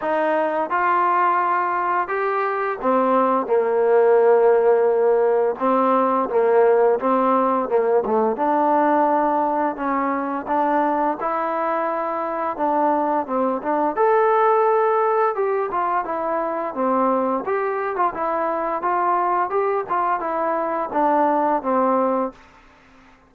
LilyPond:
\new Staff \with { instrumentName = "trombone" } { \time 4/4 \tempo 4 = 86 dis'4 f'2 g'4 | c'4 ais2. | c'4 ais4 c'4 ais8 a8 | d'2 cis'4 d'4 |
e'2 d'4 c'8 d'8 | a'2 g'8 f'8 e'4 | c'4 g'8. f'16 e'4 f'4 | g'8 f'8 e'4 d'4 c'4 | }